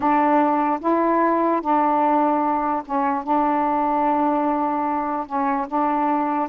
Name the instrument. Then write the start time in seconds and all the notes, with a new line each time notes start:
saxophone
0.00 D4
0.80 E4
1.61 D4
2.85 C#4
3.23 D4
5.26 C#4
5.68 D4